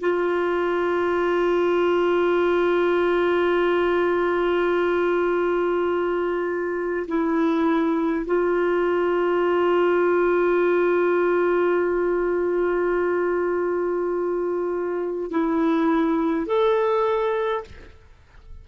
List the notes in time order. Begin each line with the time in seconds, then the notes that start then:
0.00 F4
7.07 E4
8.26 F4
15.30 E4
16.46 A4